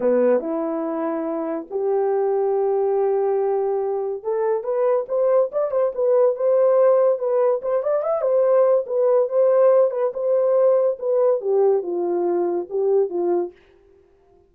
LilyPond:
\new Staff \with { instrumentName = "horn" } { \time 4/4 \tempo 4 = 142 b4 e'2. | g'1~ | g'2 a'4 b'4 | c''4 d''8 c''8 b'4 c''4~ |
c''4 b'4 c''8 d''8 e''8 c''8~ | c''4 b'4 c''4. b'8 | c''2 b'4 g'4 | f'2 g'4 f'4 | }